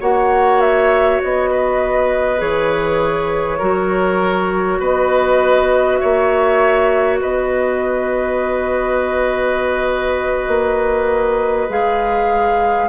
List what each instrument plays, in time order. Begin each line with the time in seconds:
0.00 bassoon A#3, clarinet F#4, oboe C#5, flute F#5
0.61 flute E5
1.23 bassoon B3, flute D#5
1.51 oboe B4
2.38 bassoon E3, clarinet G#4, flute C#5
3.58 bassoon F#3, clarinet F#4, oboe A#4
4.80 bassoon B3, oboe B4, flute D#5
5.97 oboe C#5, flute E5
6.04 bassoon A#3
7.21 bassoon B3, oboe B4, flute D#5
10.48 bassoon A#3
11.69 bassoon G#3, clarinet G#4, flute F5